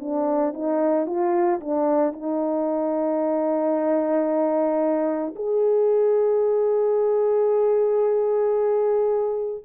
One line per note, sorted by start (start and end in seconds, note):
0.00 0.53 D4
0.53 1.06 D#4
1.06 1.60 F4
1.60 2.12 D4
2.12 5.34 D#4
5.35 9.64 G#4